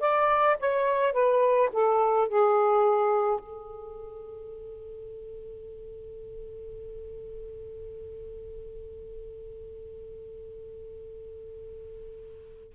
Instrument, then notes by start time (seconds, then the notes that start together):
saxophone
0.00 D5
0.60 C#5
1.13 B4
1.73 A4
2.28 G#4
3.40 A4